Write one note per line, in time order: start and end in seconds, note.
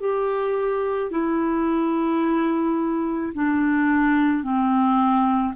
0.00 1.11 G4
1.11 3.33 E4
3.34 4.43 D4
4.43 5.54 C4